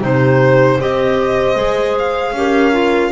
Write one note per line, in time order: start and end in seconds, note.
0.00 0.79 C3
0.00 0.79 D#4
0.00 0.78 G4
0.00 0.81 C5
0.78 1.55 C4
0.78 1.56 G4
0.78 2.34 C5
0.78 1.98 D#5
1.55 2.32 G#3
1.55 2.34 G#4
1.98 3.12 F5
2.32 3.10 C#4
2.32 2.72 G4
2.32 3.12 A#4
2.72 3.11 F4